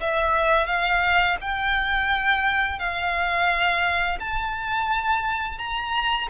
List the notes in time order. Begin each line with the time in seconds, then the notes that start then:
0.00 E5
0.67 F5
1.41 G5
2.79 F5
4.20 A5
5.58 A#5